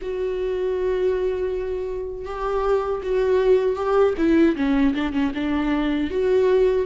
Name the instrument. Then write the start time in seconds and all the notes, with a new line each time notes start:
viola
0.01 F#4
2.25 G4
3.02 F#4
3.76 G4
4.17 E4
4.56 C#4
4.94 D4
5.13 C#4
5.34 D4
6.10 F#4